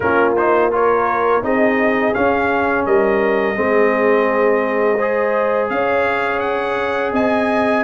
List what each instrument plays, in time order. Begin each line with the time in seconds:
0.00 tuba A#3, trombone C#4, horn F4, trumpet A#4
0.36 trombone D#4, trumpet C5
0.71 trombone F4, horn A#4, trumpet C#5
1.42 tuba C4, trombone D#4, horn G#4, trumpet D#5
2.14 trombone C#4, tuba C#4, trumpet F5
2.85 tuba G3, horn A#4, trumpet D#5
3.55 tuba G#3, trombone C4, horn G#4
4.97 trombone G#4, horn C5
5.69 tuba C#4, horn C#5, trumpet F5
6.39 trumpet F#5
7.12 tuba C4, horn D#5, trumpet G#5